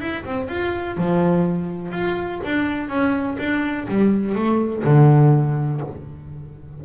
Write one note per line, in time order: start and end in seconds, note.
0.00 0.24 E4
0.24 0.49 C4
0.49 0.97 F4
0.97 1.92 F3
1.92 2.40 F4
2.45 2.89 D4
2.89 3.37 C#4
3.39 3.87 D4
3.88 4.35 G3
4.35 4.83 A3
4.84 5.81 D3